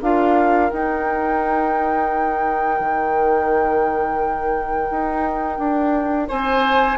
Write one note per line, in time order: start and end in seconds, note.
0.00 0.71 D4
0.00 0.71 F4
0.00 6.28 A#4
0.00 0.70 F5
0.70 6.98 D#4
0.70 2.80 D#4
0.70 6.28 G5
2.80 4.89 D#3
4.90 5.58 D#4
5.58 6.28 D4
6.28 6.98 C4
6.28 6.98 C5
6.28 6.98 G#5